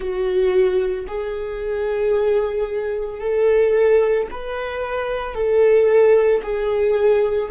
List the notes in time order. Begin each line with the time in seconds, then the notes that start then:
0.00 F#4
1.07 G#4
3.20 A4
4.31 B4
5.34 A4
6.42 G#4